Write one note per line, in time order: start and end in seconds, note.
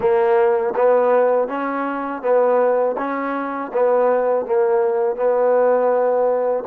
0.00 0.74 A#3
0.75 1.47 B3
1.47 2.22 C#4
2.22 2.96 B3
2.97 3.71 C#4
3.73 4.45 B3
4.45 5.15 A#3
5.15 6.64 B3